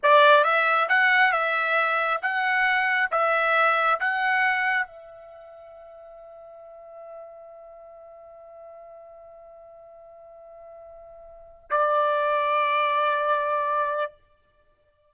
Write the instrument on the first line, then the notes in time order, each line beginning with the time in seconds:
trumpet
0.02 D5
0.44 E5
0.88 F#5
1.32 E5
2.21 F#5
3.11 E5
3.99 F#5
4.86 E5
11.70 D5